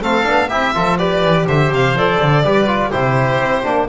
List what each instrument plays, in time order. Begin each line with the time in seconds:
0.00 double bass A3, trombone C4, oboe A4, violin F5
0.23 double bass B3, trombone D4
0.49 double bass C4, trombone E4, oboe G4, violin E5
0.74 double bass F3, trombone F4, oboe A4
0.98 trombone G4, oboe B4, violin D5
1.22 double bass E3
1.46 double bass D3, oboe C5, violin E5
1.70 double bass C3, violin F5
1.92 double bass F3, trombone A4, violin D5
2.21 double bass D3
2.43 double bass G3, trombone G4, oboe B4
2.67 trombone F4
2.90 double bass C3, trombone E4, oboe G4, violin C5
3.39 double bass C4
3.63 double bass A#3, trombone D4